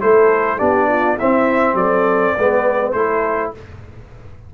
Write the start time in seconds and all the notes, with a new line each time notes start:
0.00 A3 E4 A4 C5
0.58 B3 D4 G4 D5
0.88 F4
1.16 C4 E4 E5
1.74 F#3 A4 D5
2.36 G#3 B3 B4
2.92 A3 E4 A4 C5